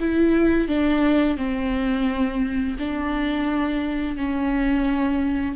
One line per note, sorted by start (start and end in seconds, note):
0.00 0.68 E4
0.68 1.38 D4
1.38 2.77 C4
2.79 4.17 D4
4.17 5.56 C#4